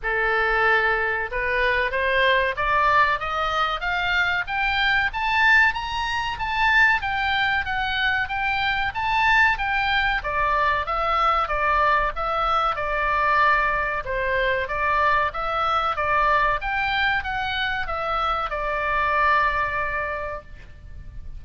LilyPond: \new Staff \with { instrumentName = "oboe" } { \time 4/4 \tempo 4 = 94 a'2 b'4 c''4 | d''4 dis''4 f''4 g''4 | a''4 ais''4 a''4 g''4 | fis''4 g''4 a''4 g''4 |
d''4 e''4 d''4 e''4 | d''2 c''4 d''4 | e''4 d''4 g''4 fis''4 | e''4 d''2. | }